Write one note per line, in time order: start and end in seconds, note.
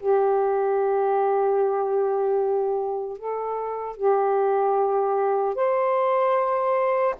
0.00 3.19 G4
3.19 3.97 A4
3.97 5.56 G4
5.56 7.16 C5